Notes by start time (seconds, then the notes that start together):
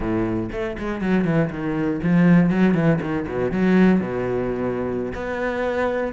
0.00 A2
0.51 A3
0.78 G#3
1.01 F#3
1.24 E3
1.50 D#3
2.02 F3
2.50 F#3
2.74 E3
3.01 D#3
3.27 B2
3.51 F#3
4.00 B2
5.14 B3